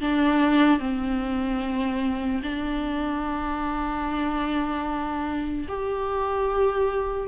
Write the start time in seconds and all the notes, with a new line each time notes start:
0.00 D4
0.79 C4
2.43 D4
5.68 G4